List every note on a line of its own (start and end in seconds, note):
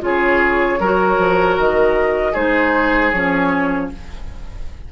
0.00 0.79 C#3
0.00 0.78 F4
0.00 0.80 G#4
0.00 1.58 C#5
0.79 1.17 F#3
0.79 2.34 F#4
0.79 2.32 A#4
1.17 1.56 F3
1.58 2.35 D#3
1.58 2.34 D#5
2.32 3.12 G#3
2.32 3.12 D#4
2.32 3.88 G#4
2.32 3.11 C5
3.11 3.90 F3
3.11 3.92 C#4
3.11 3.89 C#5